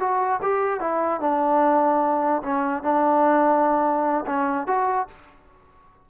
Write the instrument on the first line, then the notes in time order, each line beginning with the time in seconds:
trombone
0.00 F#4
0.42 G4
0.80 E4
1.21 D4
2.43 C#4
2.83 D4
4.26 C#4
4.67 F#4